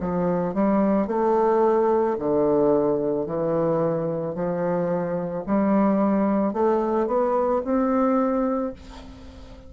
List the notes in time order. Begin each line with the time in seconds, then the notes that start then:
0.00 F3
0.54 G3
1.07 A3
2.19 D3
3.26 E3
4.35 F3
5.46 G3
6.53 A3
7.07 B3
7.64 C4